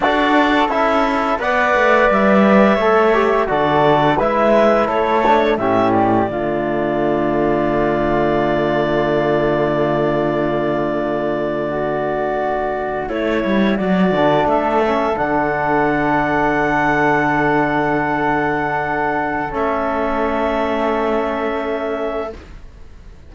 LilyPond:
<<
  \new Staff \with { instrumentName = "clarinet" } { \time 4/4 \tempo 4 = 86 d''4 e''4 fis''4 e''4~ | e''4 d''4 e''4 cis''4 | e''8 d''2.~ d''8~ | d''1~ |
d''2~ d''8. cis''4 d''16~ | d''8. e''4 fis''2~ fis''16~ | fis''1 | e''1 | }
  \new Staff \with { instrumentName = "flute" } { \time 4/4 a'2 d''2 | cis''4 a'4 b'4 a'4 | g'4 f'2.~ | f'1~ |
f'8. fis'2 e'4 fis'16~ | fis'8. a'2.~ a'16~ | a'1~ | a'1 | }
  \new Staff \with { instrumentName = "trombone" } { \time 4/4 fis'4 e'4 b'2 | a'8 g'8 fis'4 e'4. d'8 | cis'4 a2.~ | a1~ |
a1~ | a16 d'4 cis'8 d'2~ d'16~ | d'1 | cis'1 | }
  \new Staff \with { instrumentName = "cello" } { \time 4/4 d'4 cis'4 b8 a8 g4 | a4 d4 gis4 a4 | a,4 d2.~ | d1~ |
d2~ d8. a8 g8 fis16~ | fis16 d8 a4 d2~ d16~ | d1 | a1 | }
>>